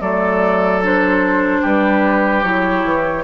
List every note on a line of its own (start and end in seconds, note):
0.00 1.62 F#3
0.00 0.81 A3
0.00 1.61 A4
0.00 0.82 D5
0.82 2.43 D4
0.82 1.65 C5
1.61 2.43 G3
1.61 3.23 G4
1.61 2.43 B4
2.43 2.84 F#3
2.43 3.23 E4
2.43 3.23 C#5
2.84 3.23 E3